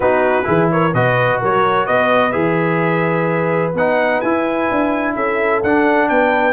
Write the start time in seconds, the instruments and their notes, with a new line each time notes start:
0.00 tuba B3, trombone D#4, horn F#4, trumpet B4
0.44 tuba E3, trombone E4, horn G#4
0.71 horn A#4, trumpet C#5
0.93 tuba B2, trombone F#4, horn B4, trumpet D#5
1.40 tuba F#3, horn A#4, trumpet C#5
1.85 tuba B3, horn B4, trumpet D#5
2.32 tuba E3, trombone G#4, trumpet E5
3.74 tuba B3, trombone D#4, trumpet F#5
4.20 tuba E4, trombone E4, trumpet G#5
4.70 tuba D4
5.15 tuba C#4, horn A4, trumpet E5
5.63 tuba D4, trombone D4, trumpet F#5
6.08 tuba B3, horn B4, trumpet G5